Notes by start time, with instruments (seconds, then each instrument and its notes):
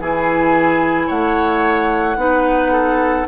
0.00 bassoon E3, clarinet E4, oboe G#4, flute G#5
1.07 bassoon A3, oboe C#5, flute F#5
2.16 bassoon B3, clarinet D#4, oboe B4
2.72 oboe A4